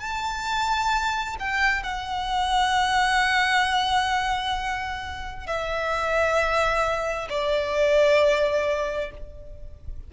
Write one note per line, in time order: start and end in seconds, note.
0.00 1.36 A5
1.40 1.83 G5
1.83 5.47 F#5
5.47 7.29 E5
7.29 9.11 D5